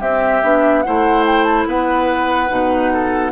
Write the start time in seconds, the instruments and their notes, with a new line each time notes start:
0.00 bassoon C4, clarinet C4, oboe G4, flute E5
0.43 bassoon B3, clarinet D4
0.82 bassoon A3, clarinet E4, oboe C5, flute F#5
1.26 flute G5
1.44 flute A5
1.66 bassoon B3, oboe B4, flute F#5
2.48 bassoon B2, clarinet D#4
2.93 oboe A4